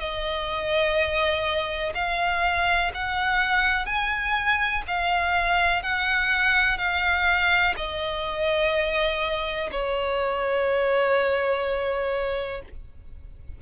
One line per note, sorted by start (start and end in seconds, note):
0.00 1.94 D#5
1.95 2.92 F5
2.95 3.87 F#5
3.87 4.83 G#5
4.88 5.83 F5
5.83 6.78 F#5
6.78 7.75 F5
7.77 9.71 D#5
9.72 12.62 C#5